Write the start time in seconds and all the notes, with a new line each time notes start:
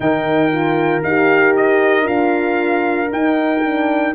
0.00 D#3 D#4 A#4 G5
0.52 F4
1.03 D#4 G4 F5
1.56 D#5
2.04 D4 F4 F5
3.10 D#4 G5
3.64 D4